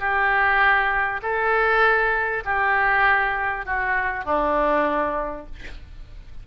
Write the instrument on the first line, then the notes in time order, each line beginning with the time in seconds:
oboe
0.00 G4
1.23 A4
2.45 G4
3.66 F#4
4.25 D4